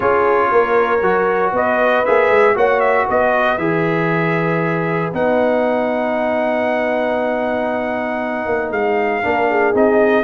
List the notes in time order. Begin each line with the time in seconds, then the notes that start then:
0.00 C#4 F4 G#4 C#5
0.51 A#3 A#4
1.01 F#3 F#4
1.52 B3 B4 D#5
2.05 A#3 G#4 E5
2.29 G#3
2.55 A#3 F#4 C#5 F#5
2.79 E5
3.05 B3 B4 D#5
3.57 E3 G#4 E5
5.13 B3 D#4 F#5
8.46 A#3
8.71 G#3 F5
9.22 A#3 D4 A#4
9.49 G#4
9.73 C4 D#4 D#5